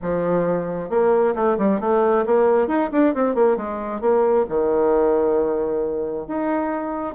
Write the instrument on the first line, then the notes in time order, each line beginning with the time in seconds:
bassoon
0.01 F3
0.89 A#3
1.35 A3
1.58 G3
1.80 A3
2.26 A#3
2.67 D#4
2.92 D4
3.14 C4
3.35 A#3
3.56 G#3
4.00 A#3
4.48 D#3
6.27 D#4